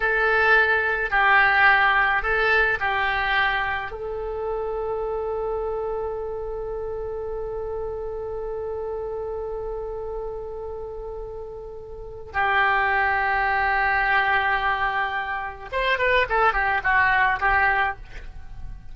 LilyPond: \new Staff \with { instrumentName = "oboe" } { \time 4/4 \tempo 4 = 107 a'2 g'2 | a'4 g'2 a'4~ | a'1~ | a'1~ |
a'1~ | a'2 g'2~ | g'1 | c''8 b'8 a'8 g'8 fis'4 g'4 | }